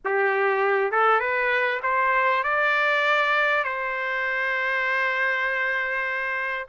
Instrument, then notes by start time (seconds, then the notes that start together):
trumpet
0.04 G4
0.91 A4
1.20 B4
1.83 C5
2.43 D5
3.64 C5